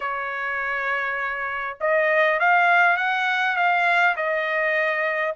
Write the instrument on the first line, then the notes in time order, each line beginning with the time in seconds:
trumpet
0.00 C#5
1.80 D#5
2.39 F5
2.96 F#5
3.56 F5
4.16 D#5